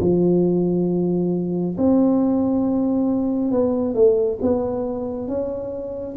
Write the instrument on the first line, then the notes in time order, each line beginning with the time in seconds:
tuba
0.00 F3
1.78 C4
3.51 B3
3.94 A3
4.42 B3
5.28 C#4